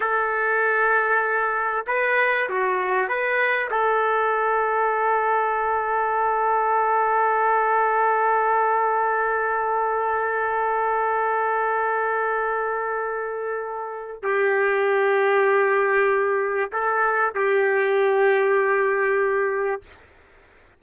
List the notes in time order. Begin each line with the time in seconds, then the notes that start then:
0.00 A4
1.86 B4
2.49 F#4
3.08 B4
3.71 A4
14.23 G4
16.72 A4
17.34 G4